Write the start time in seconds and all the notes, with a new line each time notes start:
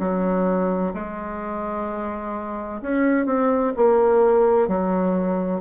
0.00 F#3
0.94 G#3
2.83 C#4
3.26 C4
3.77 A#3
4.68 F#3